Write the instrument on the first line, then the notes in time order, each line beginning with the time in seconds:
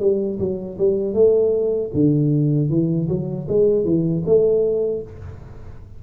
tuba
0.00 G3
0.39 F#3
0.78 G3
1.14 A3
1.94 D3
2.70 E3
3.08 F#3
3.49 G#3
3.85 E3
4.26 A3